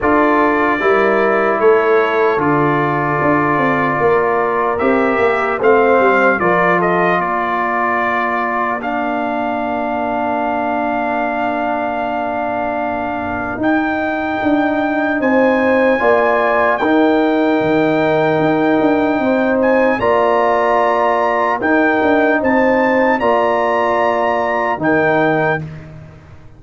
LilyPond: <<
  \new Staff \with { instrumentName = "trumpet" } { \time 4/4 \tempo 4 = 75 d''2 cis''4 d''4~ | d''2 e''4 f''4 | d''8 dis''8 d''2 f''4~ | f''1~ |
f''4 g''2 gis''4~ | gis''4 g''2.~ | g''8 gis''8 ais''2 g''4 | a''4 ais''2 g''4 | }
  \new Staff \with { instrumentName = "horn" } { \time 4/4 a'4 ais'4 a'2~ | a'4 ais'2 c''4 | ais'8 a'8 ais'2.~ | ais'1~ |
ais'2. c''4 | d''4 ais'2. | c''4 d''2 ais'4 | c''4 d''2 ais'4 | }
  \new Staff \with { instrumentName = "trombone" } { \time 4/4 f'4 e'2 f'4~ | f'2 g'4 c'4 | f'2. d'4~ | d'1~ |
d'4 dis'2. | f'4 dis'2.~ | dis'4 f'2 dis'4~ | dis'4 f'2 dis'4 | }
  \new Staff \with { instrumentName = "tuba" } { \time 4/4 d'4 g4 a4 d4 | d'8 c'8 ais4 c'8 ais8 a8 g8 | f4 ais2.~ | ais1~ |
ais4 dis'4 d'4 c'4 | ais4 dis'4 dis4 dis'8 d'8 | c'4 ais2 dis'8 d'8 | c'4 ais2 dis4 | }
>>